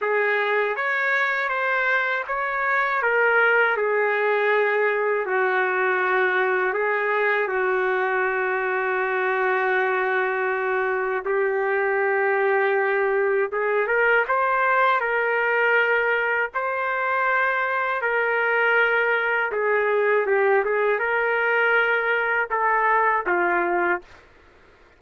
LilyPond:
\new Staff \with { instrumentName = "trumpet" } { \time 4/4 \tempo 4 = 80 gis'4 cis''4 c''4 cis''4 | ais'4 gis'2 fis'4~ | fis'4 gis'4 fis'2~ | fis'2. g'4~ |
g'2 gis'8 ais'8 c''4 | ais'2 c''2 | ais'2 gis'4 g'8 gis'8 | ais'2 a'4 f'4 | }